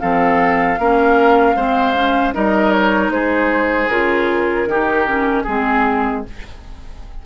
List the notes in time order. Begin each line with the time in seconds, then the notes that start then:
0.00 F3 C4 A4 F5
0.79 A#3 C#4 A#4
1.56 G#3 C4 C5
1.95 C#4
2.33 G3 D#4 A#4 D#5
2.72 C#5
3.09 G#3 G#4 C5
3.89 C#3 F4 A#4
4.66 D#3 D#4 G4
5.07 C#4
5.44 G#3 C4 G#4